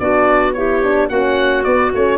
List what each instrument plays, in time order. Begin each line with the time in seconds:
0.00 tuba B3, horn D4, clarinet F#4, oboe D5
0.54 horn E4, clarinet G4, oboe C#5
0.83 horn D4
1.09 tuba A#3, horn C#4, clarinet F#4, oboe F#5
1.64 horn B3, tuba B3, oboe D5
1.93 tuba A3, horn C#4, oboe C#5